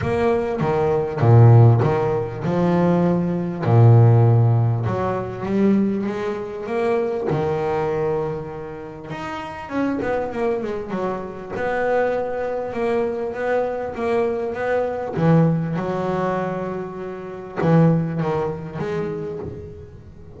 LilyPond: \new Staff \with { instrumentName = "double bass" } { \time 4/4 \tempo 4 = 99 ais4 dis4 ais,4 dis4 | f2 ais,2 | fis4 g4 gis4 ais4 | dis2. dis'4 |
cis'8 b8 ais8 gis8 fis4 b4~ | b4 ais4 b4 ais4 | b4 e4 fis2~ | fis4 e4 dis4 gis4 | }